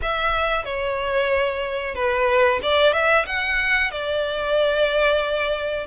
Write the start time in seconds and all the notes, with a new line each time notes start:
0.01 E5
0.64 C#5
1.94 B4
2.62 D5
2.93 E5
3.25 F#5
3.91 D5